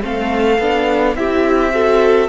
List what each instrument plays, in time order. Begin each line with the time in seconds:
0.00 cello A3, viola C4, violin A4 F5
0.58 cello B3, viola D4
1.15 cello C4, viola E4, violin G4 E5
1.71 viola F#4, violin A4